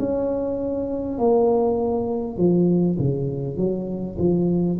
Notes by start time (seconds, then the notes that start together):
0.00 C#4
1.19 A#3
2.38 F3
2.99 C#3
3.57 F#3
4.19 F3